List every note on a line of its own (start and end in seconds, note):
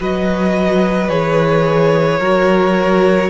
0.00 1.09 F#3
0.00 1.09 F#4
0.00 2.19 B4
0.00 1.09 D#5
1.09 2.19 E3
1.09 2.20 G#4
1.09 3.30 C#5
2.19 3.30 F#3
2.19 3.30 F#4
2.19 3.30 A#4